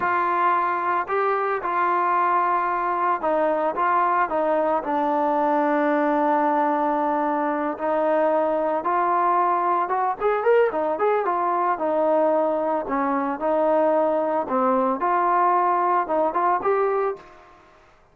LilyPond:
\new Staff \with { instrumentName = "trombone" } { \time 4/4 \tempo 4 = 112 f'2 g'4 f'4~ | f'2 dis'4 f'4 | dis'4 d'2.~ | d'2~ d'8 dis'4.~ |
dis'8 f'2 fis'8 gis'8 ais'8 | dis'8 gis'8 f'4 dis'2 | cis'4 dis'2 c'4 | f'2 dis'8 f'8 g'4 | }